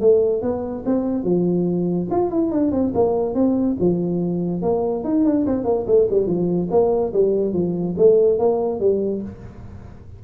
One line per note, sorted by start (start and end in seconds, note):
0.00 0.42 A3
0.42 0.84 B3
0.85 1.23 C4
1.23 2.07 F3
2.10 2.31 F4
2.31 2.51 E4
2.51 2.71 D4
2.71 2.92 C4
2.94 3.34 A#3
3.34 3.76 C4
3.79 4.62 F3
4.62 5.03 A#3
5.04 5.24 D#4
5.24 5.45 D4
5.46 5.64 C4
5.64 5.85 A#3
5.86 6.07 A3
6.10 6.26 G3
6.26 6.68 F3
6.71 7.13 A#3
7.13 7.53 G3
7.53 7.95 F3
7.97 8.38 A3
8.38 8.80 A#3
8.80 9.22 G3